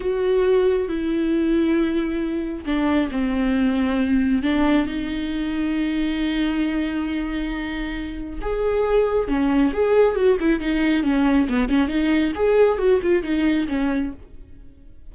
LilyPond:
\new Staff \with { instrumentName = "viola" } { \time 4/4 \tempo 4 = 136 fis'2 e'2~ | e'2 d'4 c'4~ | c'2 d'4 dis'4~ | dis'1~ |
dis'2. gis'4~ | gis'4 cis'4 gis'4 fis'8 e'8 | dis'4 cis'4 b8 cis'8 dis'4 | gis'4 fis'8 f'8 dis'4 cis'4 | }